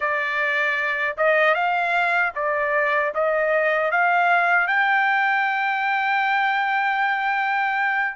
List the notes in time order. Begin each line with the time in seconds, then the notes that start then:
0.00 D5
1.17 D#5
1.54 F5
2.35 D5
3.14 D#5
3.91 F5
4.67 G5